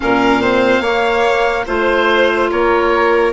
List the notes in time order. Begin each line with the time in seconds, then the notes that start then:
0.00 A#2 C#4 A#4 F5
0.41 C4 C5
0.80 A#3 C#5
1.66 A3 F4 C5
2.51 A#3 A#4 C#5